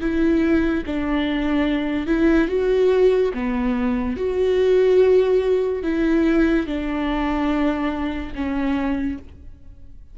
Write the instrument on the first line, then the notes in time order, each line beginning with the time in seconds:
viola
0.00 E4
0.86 D4
2.06 E4
2.48 F#4
3.34 B3
4.17 F#4
5.83 E4
6.66 D4
8.34 C#4